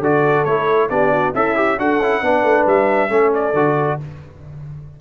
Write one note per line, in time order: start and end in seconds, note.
0.00 0.44 D3
0.00 0.47 F#4
0.00 0.89 A4
0.00 0.45 D5
0.45 0.89 A3
0.45 0.90 E4
0.45 0.89 C#5
0.90 1.34 B3
0.90 1.34 D4
0.90 1.12 G4
0.90 1.34 D5
1.12 1.34 F#4
1.34 1.78 C#4
1.34 1.78 E4
1.34 1.56 A4
1.34 1.79 E5
1.56 1.78 G4
1.78 1.99 D4
1.78 2.01 F#4
1.78 2.22 A4
1.78 2.67 F#5
1.99 2.22 C#4
1.99 2.22 E4
2.22 2.43 B3
2.22 3.09 D4
2.22 3.11 B4
2.43 2.65 A3
2.66 3.10 G3
2.66 3.34 E5
3.09 3.54 A3
3.09 3.53 C#4
3.09 4.00 A4
3.34 4.00 D5
3.54 3.98 D3
3.54 4.00 F#4